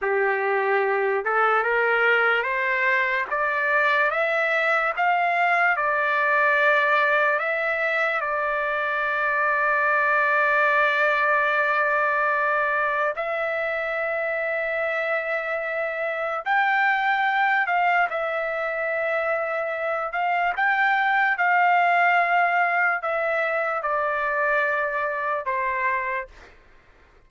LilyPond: \new Staff \with { instrumentName = "trumpet" } { \time 4/4 \tempo 4 = 73 g'4. a'8 ais'4 c''4 | d''4 e''4 f''4 d''4~ | d''4 e''4 d''2~ | d''1 |
e''1 | g''4. f''8 e''2~ | e''8 f''8 g''4 f''2 | e''4 d''2 c''4 | }